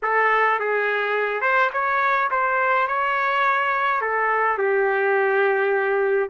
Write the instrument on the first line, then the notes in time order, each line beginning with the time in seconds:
trumpet
0.02 A4
0.59 G#4
1.41 C5
1.72 C#5
2.31 C5
2.87 C#5
4.01 A4
4.58 G4